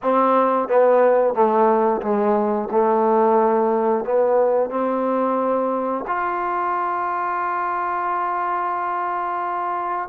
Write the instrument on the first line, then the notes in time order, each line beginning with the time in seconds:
trombone
0.02 C4
0.68 B3
1.33 A3
2.01 G#3
2.71 A3
4.04 B3
4.70 C4
6.07 F4